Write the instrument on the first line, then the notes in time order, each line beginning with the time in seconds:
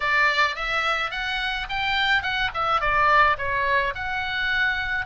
oboe
0.00 D5
0.55 E5
1.10 F#5
1.69 G5
2.22 F#5
2.54 E5
2.80 D5
3.38 C#5
3.94 F#5